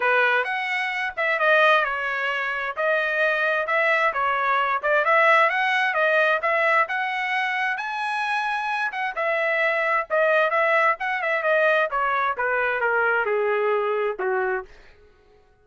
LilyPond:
\new Staff \with { instrumentName = "trumpet" } { \time 4/4 \tempo 4 = 131 b'4 fis''4. e''8 dis''4 | cis''2 dis''2 | e''4 cis''4. d''8 e''4 | fis''4 dis''4 e''4 fis''4~ |
fis''4 gis''2~ gis''8 fis''8 | e''2 dis''4 e''4 | fis''8 e''8 dis''4 cis''4 b'4 | ais'4 gis'2 fis'4 | }